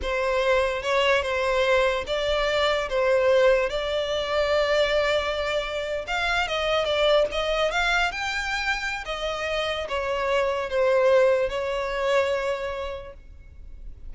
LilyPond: \new Staff \with { instrumentName = "violin" } { \time 4/4 \tempo 4 = 146 c''2 cis''4 c''4~ | c''4 d''2 c''4~ | c''4 d''2.~ | d''2~ d''8. f''4 dis''16~ |
dis''8. d''4 dis''4 f''4 g''16~ | g''2 dis''2 | cis''2 c''2 | cis''1 | }